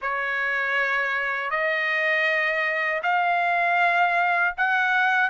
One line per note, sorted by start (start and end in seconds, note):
0.01 1.50 C#5
1.50 3.02 D#5
3.02 4.54 F5
4.57 5.29 F#5